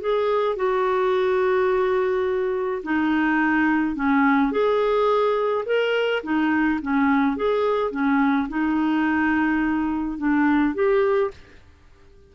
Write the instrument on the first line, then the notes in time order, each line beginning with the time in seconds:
clarinet
0.00 G#4
0.56 F#4
2.83 D#4
3.96 C#4
4.51 G#4
5.66 A#4
6.23 D#4
6.82 C#4
7.36 G#4
7.91 C#4
8.49 D#4
10.18 D4
10.74 G4